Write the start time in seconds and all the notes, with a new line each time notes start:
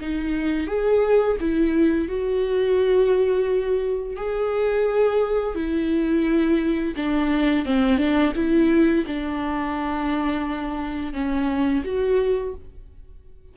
0.00 D#4
0.67 G#4
1.40 E4
2.08 F#4
4.16 G#4
5.55 E4
6.96 D4
7.66 C4
7.98 D4
8.35 E4
9.07 D4
11.13 C#4
11.84 F#4